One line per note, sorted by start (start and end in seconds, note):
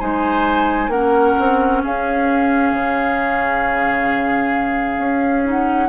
0.00 0.88 G#3
0.00 0.91 D#4
0.00 0.91 C5
0.00 0.91 G#5
0.88 1.34 A#3
0.88 5.45 C#4
0.88 1.82 A#4
0.88 1.82 F#5
1.39 1.85 C4
1.83 2.73 C#4
1.83 5.89 G#4
1.83 5.48 F5
2.73 4.98 C#3
4.98 5.89 C#4
5.45 5.89 D#4
5.45 5.89 F#5